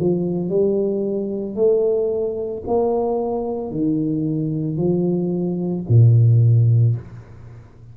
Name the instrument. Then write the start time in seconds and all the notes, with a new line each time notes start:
tuba
0.00 F3
0.50 G3
1.56 A3
2.67 A#3
3.72 D#3
4.78 F3
5.89 A#2